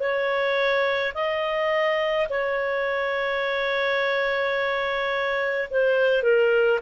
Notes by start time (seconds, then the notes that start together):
0.00 C#5
1.14 D#5
2.30 C#5
5.70 C5
6.23 A#4